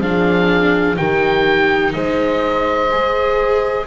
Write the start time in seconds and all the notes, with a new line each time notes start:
0.00 F3 D4 G#4 F5
0.96 D#3 D#4 G4 G5
1.93 G#3 C5 D#5
2.91 G#4